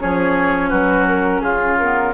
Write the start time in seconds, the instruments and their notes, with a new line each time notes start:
0.00 bassoon F3, clarinet C#4, oboe G#4, flute C#5
0.70 bassoon F#3, oboe F#4, flute B4
1.08 flute A#4
1.41 bassoon C#3, oboe F4, flute G#4
1.79 clarinet B3, flute A#4